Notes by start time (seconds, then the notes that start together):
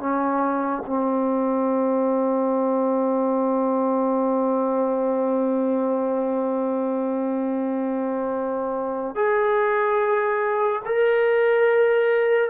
0.00 C#4
0.87 C4
9.16 G#4
10.86 A#4